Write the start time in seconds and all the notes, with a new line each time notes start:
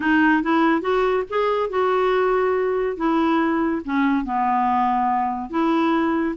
0.00 D#4
0.43 E4
0.81 F#4
1.29 G#4
1.69 F#4
2.96 E4
3.85 C#4
4.24 B3
5.50 E4